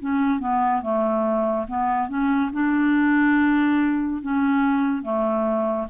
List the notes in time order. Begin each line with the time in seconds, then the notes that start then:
0.00 C#4
0.40 B3
0.82 A3
1.67 B3
2.09 C#4
2.53 D4
4.22 C#4
5.03 A3